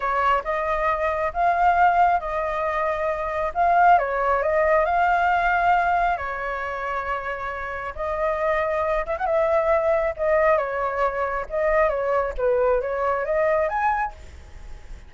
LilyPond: \new Staff \with { instrumentName = "flute" } { \time 4/4 \tempo 4 = 136 cis''4 dis''2 f''4~ | f''4 dis''2. | f''4 cis''4 dis''4 f''4~ | f''2 cis''2~ |
cis''2 dis''2~ | dis''8 e''16 fis''16 e''2 dis''4 | cis''2 dis''4 cis''4 | b'4 cis''4 dis''4 gis''4 | }